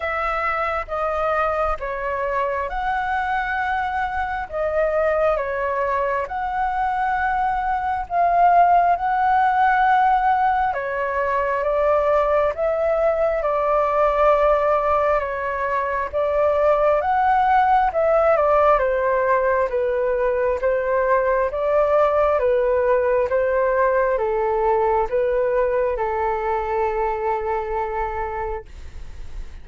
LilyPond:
\new Staff \with { instrumentName = "flute" } { \time 4/4 \tempo 4 = 67 e''4 dis''4 cis''4 fis''4~ | fis''4 dis''4 cis''4 fis''4~ | fis''4 f''4 fis''2 | cis''4 d''4 e''4 d''4~ |
d''4 cis''4 d''4 fis''4 | e''8 d''8 c''4 b'4 c''4 | d''4 b'4 c''4 a'4 | b'4 a'2. | }